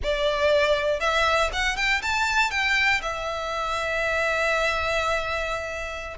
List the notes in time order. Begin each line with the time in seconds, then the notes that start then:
0.03 D5
0.99 E5
1.52 F#5
1.76 G5
2.02 A5
2.50 G5
3.02 E5